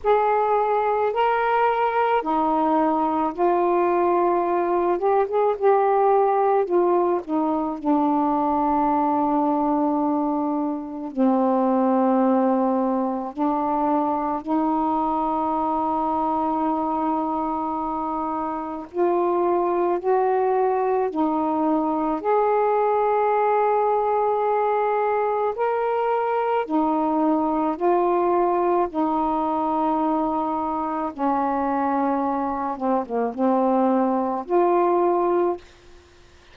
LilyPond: \new Staff \with { instrumentName = "saxophone" } { \time 4/4 \tempo 4 = 54 gis'4 ais'4 dis'4 f'4~ | f'8 g'16 gis'16 g'4 f'8 dis'8 d'4~ | d'2 c'2 | d'4 dis'2.~ |
dis'4 f'4 fis'4 dis'4 | gis'2. ais'4 | dis'4 f'4 dis'2 | cis'4. c'16 ais16 c'4 f'4 | }